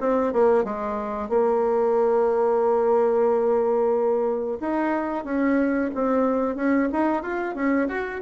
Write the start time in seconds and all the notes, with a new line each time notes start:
0.00 C4
0.33 A#3
0.64 G#3
1.29 A#3
4.60 D#4
5.24 C#4
5.94 C4
6.56 C#4
6.92 D#4
7.22 F4
7.55 C#4
7.88 F#4